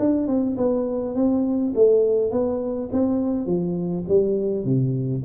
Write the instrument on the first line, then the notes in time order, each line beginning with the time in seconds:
tuba
0.00 D4
0.28 C4
0.57 B3
1.15 C4
1.76 A3
2.32 B3
2.93 C4
3.47 F3
4.09 G3
4.65 C3